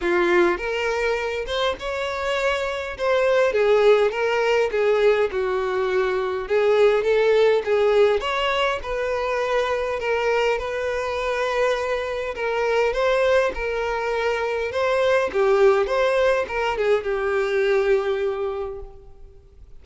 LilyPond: \new Staff \with { instrumentName = "violin" } { \time 4/4 \tempo 4 = 102 f'4 ais'4. c''8 cis''4~ | cis''4 c''4 gis'4 ais'4 | gis'4 fis'2 gis'4 | a'4 gis'4 cis''4 b'4~ |
b'4 ais'4 b'2~ | b'4 ais'4 c''4 ais'4~ | ais'4 c''4 g'4 c''4 | ais'8 gis'8 g'2. | }